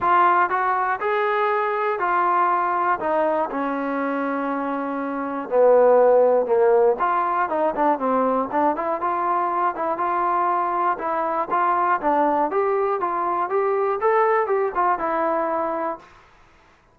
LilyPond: \new Staff \with { instrumentName = "trombone" } { \time 4/4 \tempo 4 = 120 f'4 fis'4 gis'2 | f'2 dis'4 cis'4~ | cis'2. b4~ | b4 ais4 f'4 dis'8 d'8 |
c'4 d'8 e'8 f'4. e'8 | f'2 e'4 f'4 | d'4 g'4 f'4 g'4 | a'4 g'8 f'8 e'2 | }